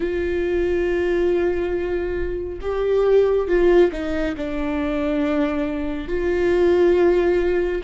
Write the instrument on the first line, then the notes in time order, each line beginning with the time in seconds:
viola
0.00 F4
2.61 G4
3.47 F4
3.91 D#4
4.36 D4
6.08 F4